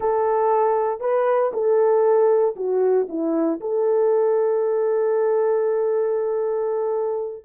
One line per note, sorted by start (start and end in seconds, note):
0.00 1.00 A4
1.00 1.51 B4
1.53 2.55 A4
2.56 3.07 F#4
3.08 3.60 E4
3.60 7.44 A4